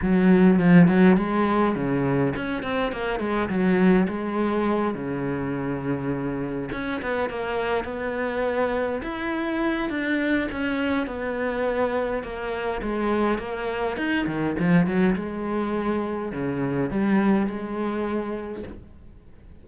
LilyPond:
\new Staff \with { instrumentName = "cello" } { \time 4/4 \tempo 4 = 103 fis4 f8 fis8 gis4 cis4 | cis'8 c'8 ais8 gis8 fis4 gis4~ | gis8 cis2. cis'8 | b8 ais4 b2 e'8~ |
e'4 d'4 cis'4 b4~ | b4 ais4 gis4 ais4 | dis'8 dis8 f8 fis8 gis2 | cis4 g4 gis2 | }